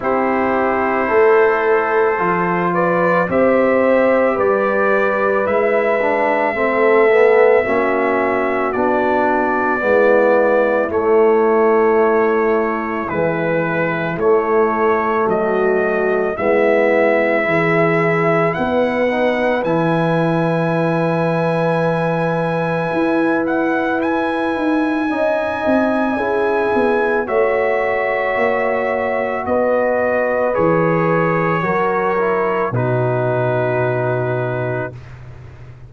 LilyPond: <<
  \new Staff \with { instrumentName = "trumpet" } { \time 4/4 \tempo 4 = 55 c''2~ c''8 d''8 e''4 | d''4 e''2. | d''2 cis''2 | b'4 cis''4 dis''4 e''4~ |
e''4 fis''4 gis''2~ | gis''4. fis''8 gis''2~ | gis''4 e''2 dis''4 | cis''2 b'2 | }
  \new Staff \with { instrumentName = "horn" } { \time 4/4 g'4 a'4. b'8 c''4 | b'2 a'4 fis'4~ | fis'4 e'2.~ | e'2 fis'4 e'4 |
gis'4 b'2.~ | b'2. dis''4 | gis'4 cis''2 b'4~ | b'4 ais'4 fis'2 | }
  \new Staff \with { instrumentName = "trombone" } { \time 4/4 e'2 f'4 g'4~ | g'4 e'8 d'8 c'8 b8 cis'4 | d'4 b4 a2 | e4 a2 b4 |
e'4. dis'8 e'2~ | e'2. dis'4 | e'4 fis'2. | gis'4 fis'8 e'8 dis'2 | }
  \new Staff \with { instrumentName = "tuba" } { \time 4/4 c'4 a4 f4 c'4 | g4 gis4 a4 ais4 | b4 gis4 a2 | gis4 a4 fis4 gis4 |
e4 b4 e2~ | e4 e'4. dis'8 cis'8 c'8 | cis'8 b8 a4 ais4 b4 | e4 fis4 b,2 | }
>>